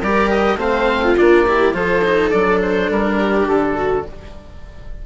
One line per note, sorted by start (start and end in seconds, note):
0.00 0.57 G3
0.00 0.58 G4
0.00 0.58 A#4
0.00 0.30 D5
0.30 0.59 D#5
0.57 1.15 A3
0.57 1.15 C4
0.57 1.03 C5
0.57 1.18 F5
1.03 1.46 F4
1.18 1.73 A#3
1.18 1.47 D4
1.18 1.74 D5
1.47 1.74 E4
1.47 1.76 G4
1.73 2.31 F3
1.73 2.03 F4
1.73 3.18 A4
1.73 2.30 C5
2.04 2.32 D#4
2.30 2.89 F#3
2.30 4.05 D4
2.30 2.59 D5
2.62 2.91 C5
2.89 3.47 G3
2.89 3.48 A#4
3.18 3.76 G4
3.47 4.05 D3
3.47 4.06 A4
3.76 4.05 F#4